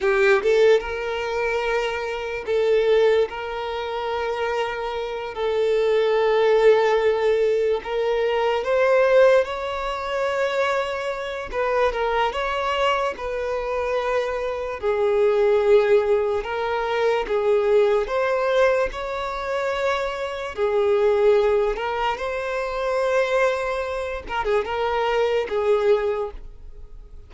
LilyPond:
\new Staff \with { instrumentName = "violin" } { \time 4/4 \tempo 4 = 73 g'8 a'8 ais'2 a'4 | ais'2~ ais'8 a'4.~ | a'4. ais'4 c''4 cis''8~ | cis''2 b'8 ais'8 cis''4 |
b'2 gis'2 | ais'4 gis'4 c''4 cis''4~ | cis''4 gis'4. ais'8 c''4~ | c''4. ais'16 gis'16 ais'4 gis'4 | }